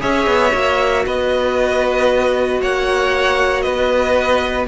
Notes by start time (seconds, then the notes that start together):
0.00 C#4 G#4 C#5 E5
0.27 B3
0.52 A#3 F#4
1.06 B3 B4 D#5
2.61 A#3 C#5 F#5
3.62 B3 B4 D#5